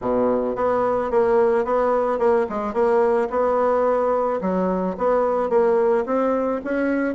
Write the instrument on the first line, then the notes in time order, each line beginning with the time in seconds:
bassoon
0.01 B2
0.55 B3
1.11 A#3
1.64 B3
2.18 A#3
2.49 G#3
2.73 A#3
3.30 B3
4.41 F#3
4.97 B3
5.49 A#3
6.06 C4
6.64 C#4